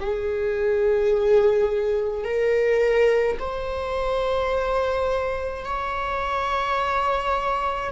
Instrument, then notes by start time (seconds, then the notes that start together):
viola
0.00 G#4
2.24 A#4
3.39 C5
5.64 C#5